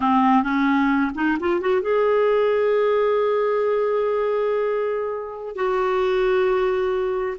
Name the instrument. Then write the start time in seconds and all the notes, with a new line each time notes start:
clarinet
0.00 C4
0.43 C#4
1.14 D#4
1.40 F4
1.60 F#4
1.81 G#4
5.55 F#4